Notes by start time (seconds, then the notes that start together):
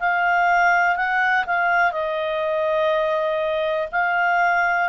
0.00 F5
0.96 F#5
1.47 F5
1.92 D#5
3.92 F5